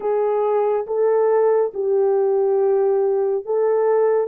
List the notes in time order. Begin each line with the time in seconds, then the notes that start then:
0.00 G#4
0.86 A4
1.74 G4
3.45 A4